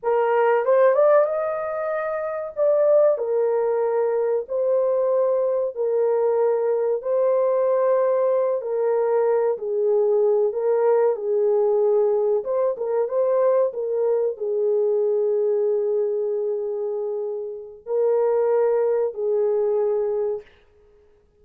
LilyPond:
\new Staff \with { instrumentName = "horn" } { \time 4/4 \tempo 4 = 94 ais'4 c''8 d''8 dis''2 | d''4 ais'2 c''4~ | c''4 ais'2 c''4~ | c''4. ais'4. gis'4~ |
gis'8 ais'4 gis'2 c''8 | ais'8 c''4 ais'4 gis'4.~ | gis'1 | ais'2 gis'2 | }